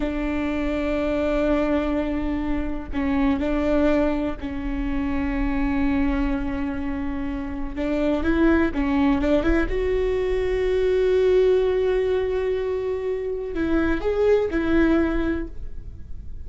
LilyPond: \new Staff \with { instrumentName = "viola" } { \time 4/4 \tempo 4 = 124 d'1~ | d'2 cis'4 d'4~ | d'4 cis'2.~ | cis'1 |
d'4 e'4 cis'4 d'8 e'8 | fis'1~ | fis'1 | e'4 gis'4 e'2 | }